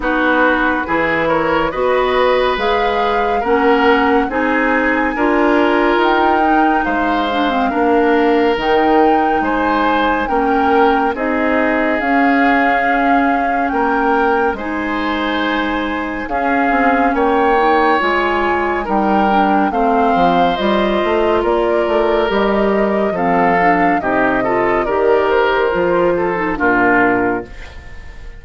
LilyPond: <<
  \new Staff \with { instrumentName = "flute" } { \time 4/4 \tempo 4 = 70 b'4. cis''8 dis''4 f''4 | fis''4 gis''2 g''4 | f''2 g''4 gis''4 | g''4 dis''4 f''2 |
g''4 gis''2 f''4 | g''4 gis''4 g''4 f''4 | dis''4 d''4 dis''4 f''4 | dis''4 d''8 c''4. ais'4 | }
  \new Staff \with { instrumentName = "oboe" } { \time 4/4 fis'4 gis'8 ais'8 b'2 | ais'4 gis'4 ais'2 | c''4 ais'2 c''4 | ais'4 gis'2. |
ais'4 c''2 gis'4 | cis''2 ais'4 c''4~ | c''4 ais'2 a'4 | g'8 a'8 ais'4. a'8 f'4 | }
  \new Staff \with { instrumentName = "clarinet" } { \time 4/4 dis'4 e'4 fis'4 gis'4 | cis'4 dis'4 f'4. dis'8~ | dis'8 d'16 c'16 d'4 dis'2 | cis'4 dis'4 cis'2~ |
cis'4 dis'2 cis'4~ | cis'8 dis'8 f'4 dis'8 d'8 c'4 | f'2 g'4 c'8 d'8 | dis'8 f'8 g'4 f'8. dis'16 d'4 | }
  \new Staff \with { instrumentName = "bassoon" } { \time 4/4 b4 e4 b4 gis4 | ais4 c'4 d'4 dis'4 | gis4 ais4 dis4 gis4 | ais4 c'4 cis'2 |
ais4 gis2 cis'8 c'8 | ais4 gis4 g4 a8 f8 | g8 a8 ais8 a8 g4 f4 | c4 dis4 f4 ais,4 | }
>>